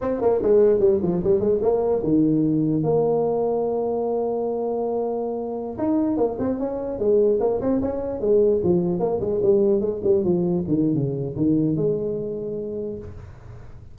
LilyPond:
\new Staff \with { instrumentName = "tuba" } { \time 4/4 \tempo 4 = 148 c'8 ais8 gis4 g8 f8 g8 gis8 | ais4 dis2 ais4~ | ais1~ | ais2~ ais16 dis'4 ais8 c'16~ |
c'16 cis'4 gis4 ais8 c'8 cis'8.~ | cis'16 gis4 f4 ais8 gis8 g8.~ | g16 gis8 g8 f4 dis8. cis4 | dis4 gis2. | }